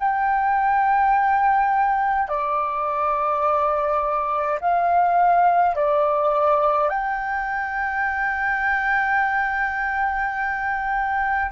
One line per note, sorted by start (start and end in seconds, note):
0.00 2.29 G5
2.29 4.59 D5
4.60 5.76 F5
5.76 6.90 D5
6.90 11.51 G5